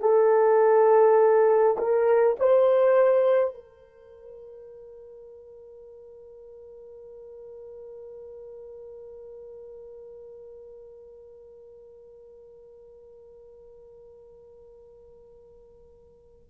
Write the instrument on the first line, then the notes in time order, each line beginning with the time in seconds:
horn
0.00 A4
1.78 A#4
2.39 C5
3.54 A#4